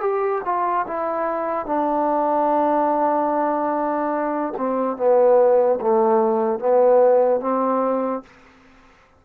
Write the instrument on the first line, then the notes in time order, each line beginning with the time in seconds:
trombone
0.00 G4
0.44 F4
0.87 E4
1.66 D4
4.57 C4
4.97 B3
5.81 A3
6.59 B3
7.40 C4